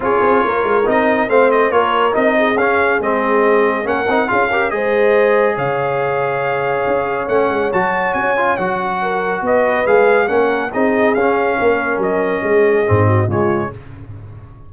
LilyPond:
<<
  \new Staff \with { instrumentName = "trumpet" } { \time 4/4 \tempo 4 = 140 cis''2 dis''4 f''8 dis''8 | cis''4 dis''4 f''4 dis''4~ | dis''4 fis''4 f''4 dis''4~ | dis''4 f''2.~ |
f''4 fis''4 a''4 gis''4 | fis''2 dis''4 f''4 | fis''4 dis''4 f''2 | dis''2. cis''4 | }
  \new Staff \with { instrumentName = "horn" } { \time 4/4 gis'4 ais'2 c''4 | ais'4. gis'2~ gis'8~ | gis'4 ais'4 gis'8 ais'8 c''4~ | c''4 cis''2.~ |
cis''1~ | cis''4 ais'4 b'2 | ais'4 gis'2 ais'4~ | ais'4 gis'4. fis'8 f'4 | }
  \new Staff \with { instrumentName = "trombone" } { \time 4/4 f'2 dis'4 c'4 | f'4 dis'4 cis'4 c'4~ | c'4 cis'8 dis'8 f'8 g'8 gis'4~ | gis'1~ |
gis'4 cis'4 fis'4. f'8 | fis'2. gis'4 | cis'4 dis'4 cis'2~ | cis'2 c'4 gis4 | }
  \new Staff \with { instrumentName = "tuba" } { \time 4/4 cis'8 c'8 ais8 gis8 c'4 a4 | ais4 c'4 cis'4 gis4~ | gis4 ais8 c'8 cis'4 gis4~ | gis4 cis2. |
cis'4 a8 gis8 fis4 cis'4 | fis2 b4 gis4 | ais4 c'4 cis'4 ais4 | fis4 gis4 gis,4 cis4 | }
>>